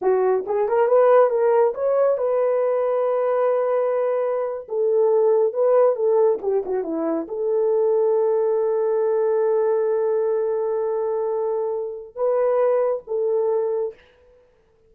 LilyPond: \new Staff \with { instrumentName = "horn" } { \time 4/4 \tempo 4 = 138 fis'4 gis'8 ais'8 b'4 ais'4 | cis''4 b'2.~ | b'2~ b'8. a'4~ a'16~ | a'8. b'4 a'4 g'8 fis'8 e'16~ |
e'8. a'2.~ a'16~ | a'1~ | a'1 | b'2 a'2 | }